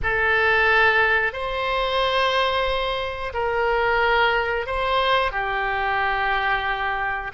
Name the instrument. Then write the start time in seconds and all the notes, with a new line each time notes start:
oboe
0.02 A4
1.32 C5
3.33 A#4
4.66 C5
5.32 G4